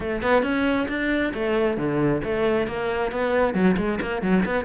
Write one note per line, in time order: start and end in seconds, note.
0.00 0.22 A3
0.22 0.42 B3
0.42 0.87 C#4
0.88 1.33 D4
1.34 1.77 A3
1.77 2.21 D3
2.24 2.67 A3
2.67 3.11 A#3
3.11 3.53 B3
3.53 3.76 F#3
3.77 3.99 G#3
4.01 4.22 A#3
4.22 4.44 F#3
4.45 4.65 B3